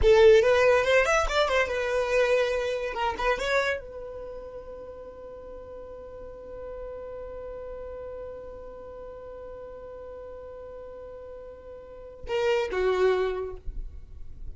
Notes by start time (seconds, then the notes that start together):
0.02 A4
0.42 B4
0.84 C5
1.05 E5
1.28 D5
1.48 C5
1.67 B4
2.93 A#4
3.18 B4
3.38 C#5
3.80 B4
12.27 A#4
12.71 F#4